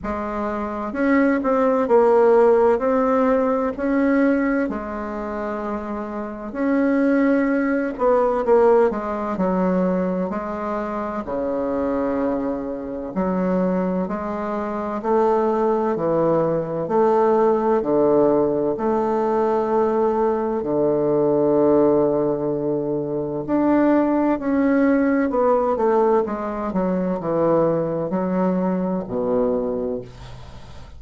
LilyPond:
\new Staff \with { instrumentName = "bassoon" } { \time 4/4 \tempo 4 = 64 gis4 cis'8 c'8 ais4 c'4 | cis'4 gis2 cis'4~ | cis'8 b8 ais8 gis8 fis4 gis4 | cis2 fis4 gis4 |
a4 e4 a4 d4 | a2 d2~ | d4 d'4 cis'4 b8 a8 | gis8 fis8 e4 fis4 b,4 | }